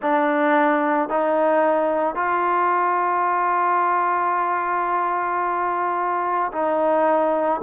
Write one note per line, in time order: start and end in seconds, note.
0.01 1.09 D4
1.09 2.15 D#4
2.15 6.52 F4
6.52 7.61 D#4